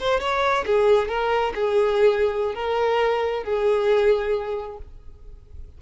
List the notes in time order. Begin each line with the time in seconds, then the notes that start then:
0.00 C5
0.20 C#5
0.66 G#4
1.08 A#4
1.55 G#4
2.55 A#4
3.44 G#4